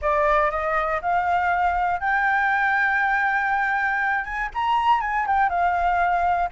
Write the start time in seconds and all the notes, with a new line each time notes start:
0.01 D5
0.50 D#5
1.01 F5
2.00 G5
4.24 G#5
4.54 A#5
5.00 G#5
5.26 G5
5.49 F5